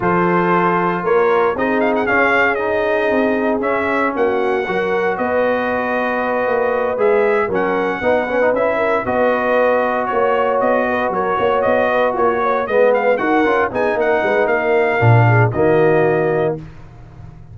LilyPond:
<<
  \new Staff \with { instrumentName = "trumpet" } { \time 4/4 \tempo 4 = 116 c''2 cis''4 dis''8 f''16 fis''16 | f''4 dis''2 e''4 | fis''2 dis''2~ | dis''4. e''4 fis''4.~ |
fis''8 e''4 dis''2 cis''8~ | cis''8 dis''4 cis''4 dis''4 cis''8~ | cis''8 dis''8 f''8 fis''4 gis''8 fis''4 | f''2 dis''2 | }
  \new Staff \with { instrumentName = "horn" } { \time 4/4 a'2 ais'4 gis'4~ | gis'1 | fis'4 ais'4 b'2~ | b'2~ b'8 ais'4 b'8~ |
b'4 ais'8 b'2 cis''8~ | cis''4 b'8 ais'8 cis''4 b'8 f'8 | cis''8 b'4 ais'4 gis'8 ais'8 b'8 | ais'4. gis'8 fis'2 | }
  \new Staff \with { instrumentName = "trombone" } { \time 4/4 f'2. dis'4 | cis'4 dis'2 cis'4~ | cis'4 fis'2.~ | fis'4. gis'4 cis'4 dis'8 |
cis'16 dis'16 e'4 fis'2~ fis'8~ | fis'1~ | fis'8 b4 fis'8 f'8 dis'4.~ | dis'4 d'4 ais2 | }
  \new Staff \with { instrumentName = "tuba" } { \time 4/4 f2 ais4 c'4 | cis'2 c'4 cis'4 | ais4 fis4 b2~ | b8 ais4 gis4 fis4 b8~ |
b8 cis'4 b2 ais8~ | ais8 b4 fis8 ais8 b4 ais8~ | ais8 gis4 dis'8 cis'8 b8 ais8 gis8 | ais4 ais,4 dis2 | }
>>